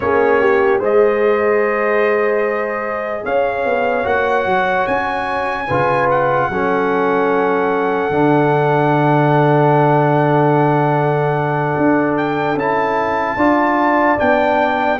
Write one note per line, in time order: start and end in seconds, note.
0.00 0.80 A#3
0.00 0.80 C#4
0.00 0.40 G#4
0.00 0.81 C#5
0.40 0.79 G4
0.79 3.23 G#3
0.79 4.03 G#4
0.79 3.22 C5
0.79 3.25 D#5
3.24 3.65 C#4
3.24 5.67 C#5
3.24 4.06 F5
3.65 4.05 B3
4.03 4.45 A#3
4.03 5.66 F#4
4.03 4.86 F#5
4.45 4.86 F#3
4.86 5.68 C#4
4.86 6.08 G#5
5.67 6.49 C#3
5.67 6.51 F4
5.67 6.48 B4
6.10 12.17 F#5
6.49 8.10 F#3
6.49 8.11 C#4
6.49 13.37 A4
8.10 11.74 D3
8.10 12.57 D4
11.77 12.54 D4
12.17 12.57 G5
12.54 13.35 C#4
12.54 13.37 E4
12.54 14.19 A5
13.35 14.17 D4
13.35 14.17 F4
13.35 14.99 D5
14.17 14.99 B3
14.17 14.98 D4
14.17 14.99 G5